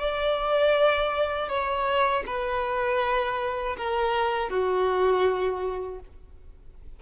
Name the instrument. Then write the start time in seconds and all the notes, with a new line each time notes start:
violin
0.00 D5
1.49 C#5
2.27 B4
3.78 A#4
4.50 F#4